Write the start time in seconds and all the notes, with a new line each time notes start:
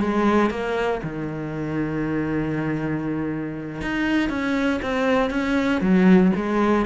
0.00 G#3
0.50 A#3
1.03 D#3
3.81 D#4
4.29 C#4
4.82 C4
5.30 C#4
5.81 F#3
6.36 G#3